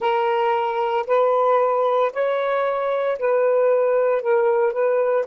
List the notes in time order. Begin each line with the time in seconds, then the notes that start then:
0.00 A#4
1.06 B4
2.12 C#5
3.18 B4
4.22 A#4
4.72 B4